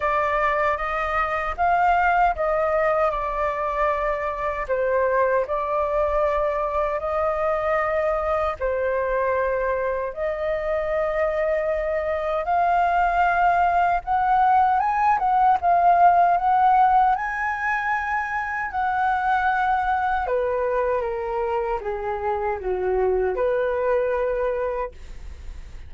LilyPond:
\new Staff \with { instrumentName = "flute" } { \time 4/4 \tempo 4 = 77 d''4 dis''4 f''4 dis''4 | d''2 c''4 d''4~ | d''4 dis''2 c''4~ | c''4 dis''2. |
f''2 fis''4 gis''8 fis''8 | f''4 fis''4 gis''2 | fis''2 b'4 ais'4 | gis'4 fis'4 b'2 | }